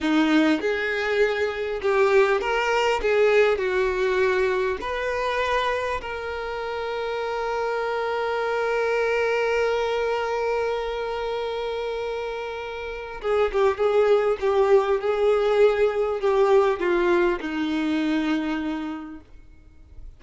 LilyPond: \new Staff \with { instrumentName = "violin" } { \time 4/4 \tempo 4 = 100 dis'4 gis'2 g'4 | ais'4 gis'4 fis'2 | b'2 ais'2~ | ais'1~ |
ais'1~ | ais'2 gis'8 g'8 gis'4 | g'4 gis'2 g'4 | f'4 dis'2. | }